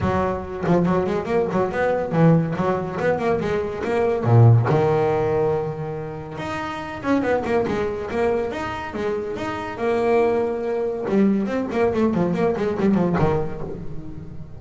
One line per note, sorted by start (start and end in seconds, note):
0.00 0.64 F#3
0.66 0.85 F3
0.85 1.06 F#3
1.06 1.25 G#3
1.25 1.46 A#3
1.51 1.71 F#3
1.71 2.12 B3
2.12 2.54 E3
2.56 2.98 F#3
2.99 3.18 B3
3.18 3.39 A#3
3.40 3.83 G#3
3.84 4.24 A#3
4.24 4.66 A#2
4.69 6.38 D#3
6.38 7.01 D#4
7.02 7.22 C#4
7.22 7.43 B3
7.44 7.66 A#3
7.67 8.10 G#3
8.10 8.51 A#3
8.51 8.94 D#4
8.94 9.36 G#3
9.36 9.77 D#4
9.77 11.05 A#3
11.09 11.46 G3
11.46 11.67 C4
11.71 11.93 A#3
11.93 12.14 A3
12.14 12.33 F3
12.33 12.55 A#3
12.56 12.78 G#3
12.79 12.94 G3
12.94 13.15 F3
13.18 13.61 D#3